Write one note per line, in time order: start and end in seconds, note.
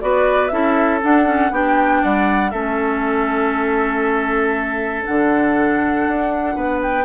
0.00 0.51 B3
0.00 0.50 F#4
0.00 0.52 B4
0.00 0.48 D5
0.48 1.02 C#4
0.48 1.01 E4
0.48 1.52 A4
0.48 0.98 E5
1.01 1.25 D4
1.01 1.51 D4
1.01 1.53 F#5
1.25 1.51 C#4
1.51 2.01 B3
1.51 2.52 D4
1.51 2.02 G4
1.51 2.03 G5
2.02 2.52 G3
2.02 2.51 D5
2.02 2.50 F#5
2.50 5.05 A3
2.50 5.05 C#4
2.50 6.54 A4
2.50 5.02 E5
5.05 6.07 D3
5.05 7.04 D4
5.05 6.81 F#5
6.07 6.55 D4
6.55 7.04 B3
6.55 7.04 B4
6.82 7.04 G5